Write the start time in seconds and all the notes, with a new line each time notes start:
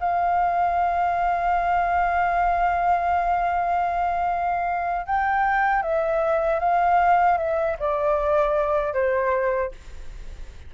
0.00 F5
5.06 G5
5.82 E5
6.60 F5
7.38 E5
7.79 D5
8.94 C5